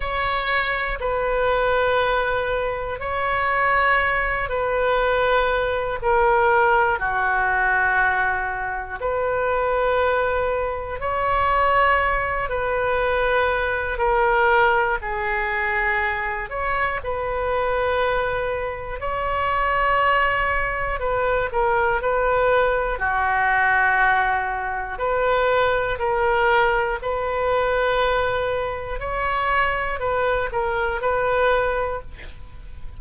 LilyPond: \new Staff \with { instrumentName = "oboe" } { \time 4/4 \tempo 4 = 60 cis''4 b'2 cis''4~ | cis''8 b'4. ais'4 fis'4~ | fis'4 b'2 cis''4~ | cis''8 b'4. ais'4 gis'4~ |
gis'8 cis''8 b'2 cis''4~ | cis''4 b'8 ais'8 b'4 fis'4~ | fis'4 b'4 ais'4 b'4~ | b'4 cis''4 b'8 ais'8 b'4 | }